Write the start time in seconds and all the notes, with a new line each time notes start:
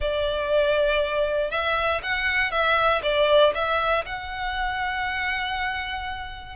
0.00 D5
1.50 E5
2.02 F#5
2.51 E5
3.02 D5
3.54 E5
4.05 F#5